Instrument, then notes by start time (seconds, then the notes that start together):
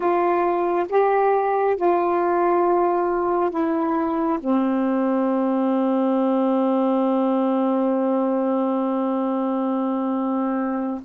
saxophone
0.00 F4
0.89 G4
1.76 F4
3.50 E4
4.39 C4